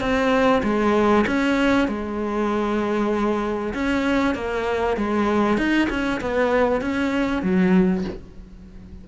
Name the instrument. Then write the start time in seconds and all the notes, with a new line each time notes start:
cello
0.00 C4
0.63 G#3
1.27 C#4
1.88 G#3
3.74 C#4
4.35 A#3
4.97 G#3
5.57 D#4
5.89 C#4
6.21 B3
6.81 C#4
7.42 F#3